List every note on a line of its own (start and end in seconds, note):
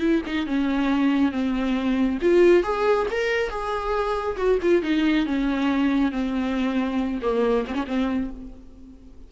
0.00 0.22 E4
0.26 0.47 D#4
0.47 1.32 C#4
1.32 2.19 C4
2.22 2.63 F4
2.63 3.07 G#4
3.11 3.50 A#4
3.50 4.37 G#4
4.37 4.59 F#4
4.62 4.83 F4
4.83 5.26 D#4
5.26 6.12 C#4
6.12 7.21 C4
7.23 7.66 A#3
7.67 7.75 C4
7.75 7.85 C#4
7.87 8.31 C4